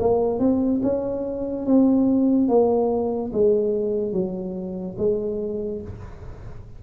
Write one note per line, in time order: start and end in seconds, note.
0.00 0.39 A#3
0.39 0.81 C4
0.83 1.66 C#4
1.67 2.48 C4
2.48 3.32 A#3
3.33 4.13 G#3
4.13 4.96 F#3
4.98 5.82 G#3